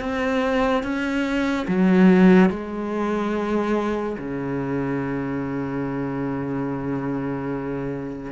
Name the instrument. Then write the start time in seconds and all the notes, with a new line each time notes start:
cello
0.00 C4
0.83 C#4
1.68 F#3
2.50 G#3
4.19 C#3